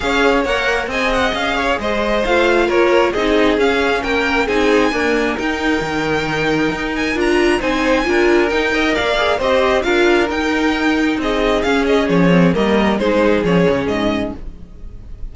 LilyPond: <<
  \new Staff \with { instrumentName = "violin" } { \time 4/4 \tempo 4 = 134 f''4 fis''4 gis''8 fis''8 f''4 | dis''4 f''4 cis''4 dis''4 | f''4 g''4 gis''2 | g''2.~ g''8 gis''8 |
ais''4 gis''2 g''4 | f''4 dis''4 f''4 g''4~ | g''4 dis''4 f''8 dis''8 cis''4 | dis''4 c''4 cis''4 dis''4 | }
  \new Staff \with { instrumentName = "violin" } { \time 4/4 cis''2 dis''4. cis''8 | c''2 ais'4 gis'4~ | gis'4 ais'4 gis'4 ais'4~ | ais'1~ |
ais'4 c''4 ais'4. dis''8 | d''4 c''4 ais'2~ | ais'4 gis'2. | ais'4 gis'2. | }
  \new Staff \with { instrumentName = "viola" } { \time 4/4 gis'4 ais'4 gis'2~ | gis'4 f'2 dis'4 | cis'2 dis'4 ais4 | dis'1 |
f'4 dis'4 f'4 dis'8 ais'8~ | ais'8 gis'8 g'4 f'4 dis'4~ | dis'2 cis'4. c'8 | ais4 dis'4 cis'2 | }
  \new Staff \with { instrumentName = "cello" } { \time 4/4 cis'4 ais4 c'4 cis'4 | gis4 a4 ais4 c'4 | cis'4 ais4 c'4 d'4 | dis'4 dis2 dis'4 |
d'4 c'4 d'4 dis'4 | ais4 c'4 d'4 dis'4~ | dis'4 c'4 cis'4 f4 | g4 gis4 f8 cis8 gis,4 | }
>>